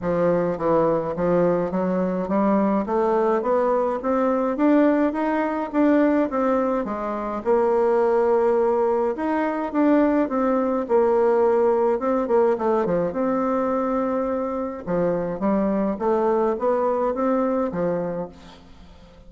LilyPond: \new Staff \with { instrumentName = "bassoon" } { \time 4/4 \tempo 4 = 105 f4 e4 f4 fis4 | g4 a4 b4 c'4 | d'4 dis'4 d'4 c'4 | gis4 ais2. |
dis'4 d'4 c'4 ais4~ | ais4 c'8 ais8 a8 f8 c'4~ | c'2 f4 g4 | a4 b4 c'4 f4 | }